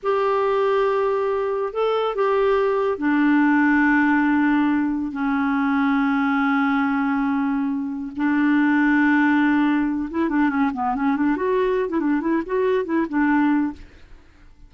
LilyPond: \new Staff \with { instrumentName = "clarinet" } { \time 4/4 \tempo 4 = 140 g'1 | a'4 g'2 d'4~ | d'1 | cis'1~ |
cis'2. d'4~ | d'2.~ d'8 e'8 | d'8 cis'8 b8 cis'8 d'8 fis'4~ fis'16 e'16 | d'8 e'8 fis'4 e'8 d'4. | }